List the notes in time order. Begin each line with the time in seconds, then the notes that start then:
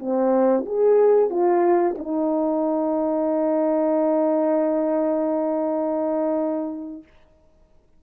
0.00 C4
0.66 G#4
1.30 F4
1.98 D#4